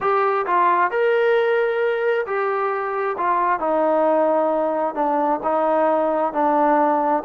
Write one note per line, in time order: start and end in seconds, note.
0.00 0.46 G4
0.46 0.90 F4
0.90 2.26 A#4
2.26 3.16 G4
3.17 3.59 F4
3.59 4.94 D#4
4.95 5.40 D4
5.43 6.33 D#4
6.33 7.23 D4